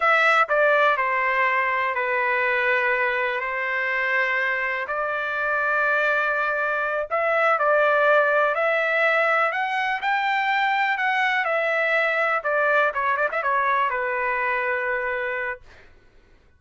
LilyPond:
\new Staff \with { instrumentName = "trumpet" } { \time 4/4 \tempo 4 = 123 e''4 d''4 c''2 | b'2. c''4~ | c''2 d''2~ | d''2~ d''8 e''4 d''8~ |
d''4. e''2 fis''8~ | fis''8 g''2 fis''4 e''8~ | e''4. d''4 cis''8 d''16 e''16 cis''8~ | cis''8 b'2.~ b'8 | }